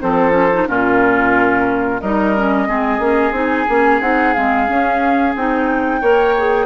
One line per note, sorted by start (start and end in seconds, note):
0.00 0.68 F3
0.00 0.31 C4
0.00 0.68 A4
0.00 0.68 C5
0.31 0.48 C#4
0.53 0.68 D#4
0.68 2.02 A#2
0.68 2.01 C#4
0.68 2.02 F4
0.68 2.00 A#4
2.00 2.69 G3
2.00 2.37 D#4
2.00 2.68 A#4
2.00 3.34 D#5
2.37 2.67 C#4
2.67 2.99 G#3
2.67 3.00 C4
2.67 6.01 G#4
2.99 3.32 A#3
2.99 3.33 C#4
3.32 3.65 C4
3.32 3.67 D#4
3.38 4.02 G#5
3.69 4.01 A#3
3.69 4.02 C#4
4.01 4.35 C4
4.01 4.35 D#4
4.01 4.33 F#5
4.33 4.69 G#3
4.33 4.68 C4
4.33 5.33 F5
4.68 5.34 C#4
4.68 5.36 C#4
5.36 6.02 C4
5.36 6.02 D#4
5.36 6.67 G5
6.01 6.67 A#3
6.01 6.35 A#4
6.01 6.67 C#5
6.38 6.67 G#4